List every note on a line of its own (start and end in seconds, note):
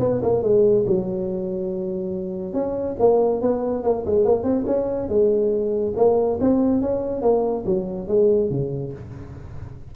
0.00 0.21 B3
0.23 0.43 A#3
0.43 0.86 G#3
0.87 2.54 F#3
2.54 2.96 C#4
3.00 3.42 A#3
3.42 3.84 B3
3.84 4.05 A#3
4.06 4.26 G#3
4.26 4.44 A#3
4.44 4.65 C4
4.67 5.09 C#4
5.09 5.94 G#3
5.97 6.39 A#3
6.41 6.82 C4
6.82 7.22 C#4
7.22 7.65 A#3
7.66 8.09 F#3
8.09 8.51 G#3
8.51 8.93 C#3